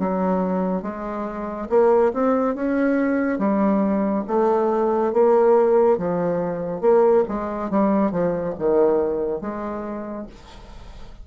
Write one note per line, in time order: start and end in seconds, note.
0.00 0.83 F#3
0.83 1.68 G#3
1.69 2.12 A#3
2.14 2.55 C4
2.55 3.39 C#4
3.39 4.25 G3
4.28 5.13 A3
5.13 5.98 A#3
5.98 6.81 F3
6.81 7.24 A#3
7.29 7.71 G#3
7.71 8.12 G3
8.12 8.55 F3
8.59 9.41 D#3
9.41 10.27 G#3